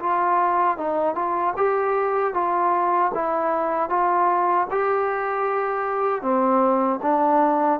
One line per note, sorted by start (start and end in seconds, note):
0.00 0.78 F4
0.78 1.15 D#4
1.15 1.54 F4
1.57 2.34 G4
2.34 3.12 F4
3.14 3.90 E4
3.90 4.68 F4
4.71 6.22 G4
6.22 7.00 C4
7.02 7.80 D4